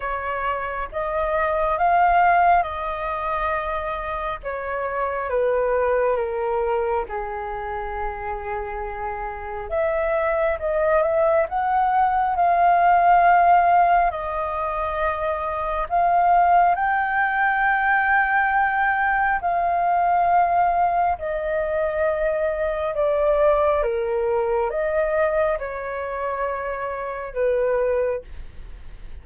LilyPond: \new Staff \with { instrumentName = "flute" } { \time 4/4 \tempo 4 = 68 cis''4 dis''4 f''4 dis''4~ | dis''4 cis''4 b'4 ais'4 | gis'2. e''4 | dis''8 e''8 fis''4 f''2 |
dis''2 f''4 g''4~ | g''2 f''2 | dis''2 d''4 ais'4 | dis''4 cis''2 b'4 | }